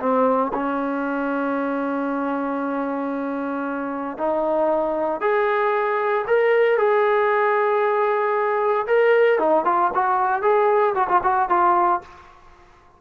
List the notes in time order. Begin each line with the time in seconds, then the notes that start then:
0.00 C4
0.54 C#4
4.18 D#4
5.21 G#4
6.28 A#4
6.78 G#4
8.87 A#4
9.39 D#4
9.65 F4
9.94 F#4
10.42 G#4
10.95 F#4
11.09 F4
11.24 F#4
11.49 F4